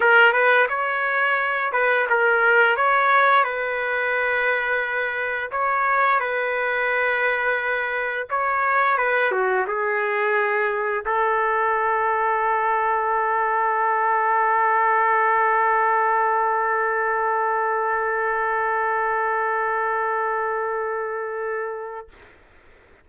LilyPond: \new Staff \with { instrumentName = "trumpet" } { \time 4/4 \tempo 4 = 87 ais'8 b'8 cis''4. b'8 ais'4 | cis''4 b'2. | cis''4 b'2. | cis''4 b'8 fis'8 gis'2 |
a'1~ | a'1~ | a'1~ | a'1 | }